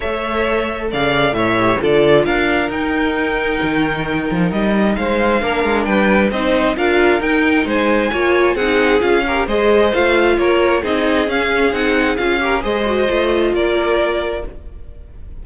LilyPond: <<
  \new Staff \with { instrumentName = "violin" } { \time 4/4 \tempo 4 = 133 e''2 f''4 e''4 | d''4 f''4 g''2~ | g''2 dis''4 f''4~ | f''4 g''4 dis''4 f''4 |
g''4 gis''2 fis''4 | f''4 dis''4 f''4 cis''4 | dis''4 f''4 fis''4 f''4 | dis''2 d''2 | }
  \new Staff \with { instrumentName = "violin" } { \time 4/4 cis''2 d''4 cis''4 | a'4 ais'2.~ | ais'2. c''4 | ais'4 b'4 c''4 ais'4~ |
ais'4 c''4 cis''4 gis'4~ | gis'8 ais'8 c''2 ais'4 | gis'2.~ gis'8 ais'8 | c''2 ais'2 | }
  \new Staff \with { instrumentName = "viola" } { \time 4/4 a'2.~ a'8 g'8 | f'2 dis'2~ | dis'1 | d'2 dis'4 f'4 |
dis'2 f'4 dis'4 | f'8 g'8 gis'4 f'2 | dis'4 cis'4 dis'4 f'8 g'8 | gis'8 fis'8 f'2. | }
  \new Staff \with { instrumentName = "cello" } { \time 4/4 a2 cis4 a,4 | d4 d'4 dis'2 | dis4. f8 g4 gis4 | ais8 gis8 g4 c'4 d'4 |
dis'4 gis4 ais4 c'4 | cis'4 gis4 a4 ais4 | c'4 cis'4 c'4 cis'4 | gis4 a4 ais2 | }
>>